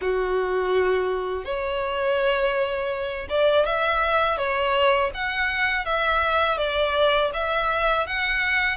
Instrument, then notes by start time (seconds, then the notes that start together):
violin
0.01 F#4
1.44 C#5
3.29 D5
3.66 E5
4.37 C#5
5.14 F#5
5.85 E5
6.57 D5
7.33 E5
8.07 F#5